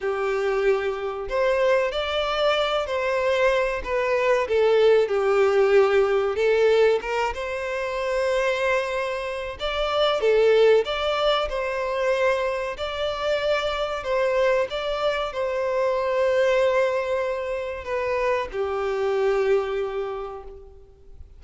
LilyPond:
\new Staff \with { instrumentName = "violin" } { \time 4/4 \tempo 4 = 94 g'2 c''4 d''4~ | d''8 c''4. b'4 a'4 | g'2 a'4 ais'8 c''8~ | c''2. d''4 |
a'4 d''4 c''2 | d''2 c''4 d''4 | c''1 | b'4 g'2. | }